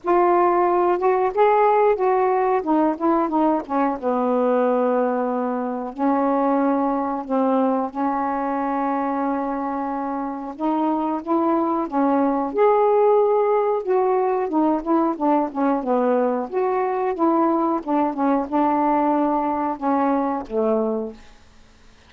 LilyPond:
\new Staff \with { instrumentName = "saxophone" } { \time 4/4 \tempo 4 = 91 f'4. fis'8 gis'4 fis'4 | dis'8 e'8 dis'8 cis'8 b2~ | b4 cis'2 c'4 | cis'1 |
dis'4 e'4 cis'4 gis'4~ | gis'4 fis'4 dis'8 e'8 d'8 cis'8 | b4 fis'4 e'4 d'8 cis'8 | d'2 cis'4 a4 | }